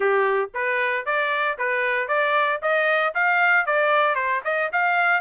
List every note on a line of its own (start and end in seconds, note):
0.00 0.50 G4
0.54 1.05 B4
1.05 1.57 D5
1.58 2.08 B4
2.08 2.60 D5
2.62 3.14 D#5
3.14 3.66 F5
3.66 4.15 D5
4.15 4.41 C5
4.44 4.70 D#5
4.72 5.20 F5